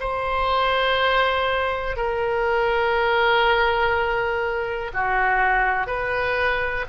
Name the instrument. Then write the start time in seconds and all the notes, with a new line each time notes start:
oboe
0.00 C5
1.96 A#4
4.94 F#4
5.87 B4